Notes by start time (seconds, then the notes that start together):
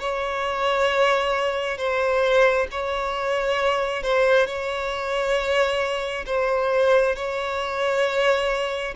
0.00 C#5
1.77 C5
2.71 C#5
4.03 C5
4.46 C#5
6.26 C5
7.15 C#5